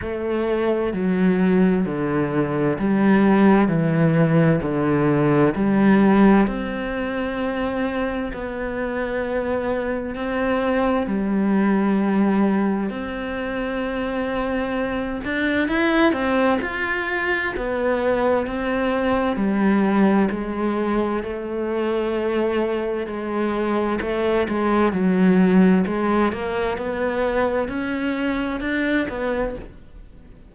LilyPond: \new Staff \with { instrumentName = "cello" } { \time 4/4 \tempo 4 = 65 a4 fis4 d4 g4 | e4 d4 g4 c'4~ | c'4 b2 c'4 | g2 c'2~ |
c'8 d'8 e'8 c'8 f'4 b4 | c'4 g4 gis4 a4~ | a4 gis4 a8 gis8 fis4 | gis8 ais8 b4 cis'4 d'8 b8 | }